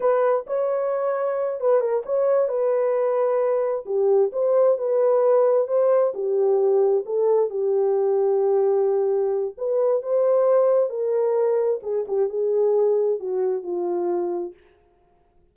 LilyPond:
\new Staff \with { instrumentName = "horn" } { \time 4/4 \tempo 4 = 132 b'4 cis''2~ cis''8 b'8 | ais'8 cis''4 b'2~ b'8~ | b'8 g'4 c''4 b'4.~ | b'8 c''4 g'2 a'8~ |
a'8 g'2.~ g'8~ | g'4 b'4 c''2 | ais'2 gis'8 g'8 gis'4~ | gis'4 fis'4 f'2 | }